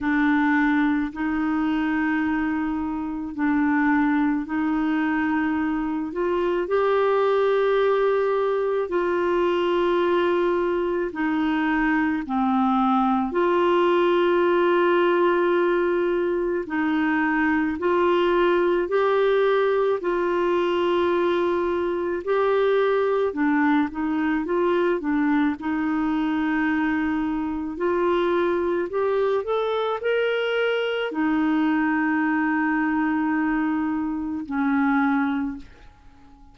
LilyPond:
\new Staff \with { instrumentName = "clarinet" } { \time 4/4 \tempo 4 = 54 d'4 dis'2 d'4 | dis'4. f'8 g'2 | f'2 dis'4 c'4 | f'2. dis'4 |
f'4 g'4 f'2 | g'4 d'8 dis'8 f'8 d'8 dis'4~ | dis'4 f'4 g'8 a'8 ais'4 | dis'2. cis'4 | }